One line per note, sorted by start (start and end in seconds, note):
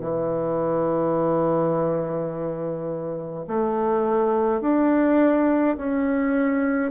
0.00 3.46 E3
3.48 4.62 A3
4.62 5.77 D4
5.77 6.91 C#4